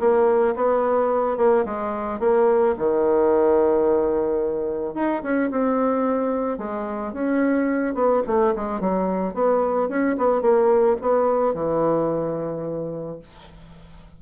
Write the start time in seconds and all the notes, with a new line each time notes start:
0.00 A#3
0.56 B3
1.38 A#3
1.66 G#3
2.20 A#3
2.78 D#3
4.95 D#4
5.23 C#4
5.51 C4
6.59 G#3
7.13 C#4
7.95 B3
8.27 A3
8.56 G#3
8.81 F#3
9.35 B3
9.89 C#4
10.18 B3
10.42 A#3
11.02 B3
11.54 E3